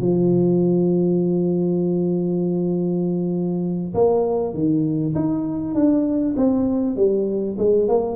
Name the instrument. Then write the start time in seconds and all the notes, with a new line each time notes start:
tuba
0.00 F3
3.94 A#3
4.54 D#3
5.15 D#4
5.75 D4
6.37 C4
6.97 G3
7.58 G#3
7.88 A#3